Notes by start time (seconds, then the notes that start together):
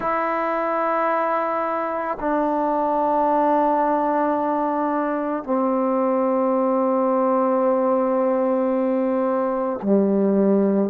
0.00 E4
2.20 D4
5.43 C4
9.82 G3